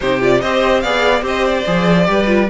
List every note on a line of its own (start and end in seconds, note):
0.00 0.42 C3
0.00 0.20 D#4
0.00 0.41 G4
0.00 0.21 C5
0.20 0.41 F4
0.20 0.41 D5
0.41 0.84 C4
0.41 0.84 G4
0.41 0.82 C5
0.41 0.80 D#5
0.80 1.21 B3
0.80 1.21 G#4
0.80 1.23 D5
0.80 1.22 F5
1.21 1.63 C4
1.21 1.63 G4
1.21 2.06 C5
1.21 1.46 D#5
1.46 2.49 D5
1.66 2.08 F3
1.66 2.05 G#4
2.05 2.49 G3
2.05 2.26 G4
2.05 2.49 B4
2.26 2.47 F4